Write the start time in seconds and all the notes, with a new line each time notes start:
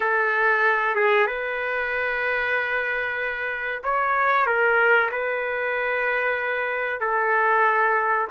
0.00 A4
0.95 G#4
1.26 B4
3.83 C#5
4.46 A#4
5.11 B4
7.00 A4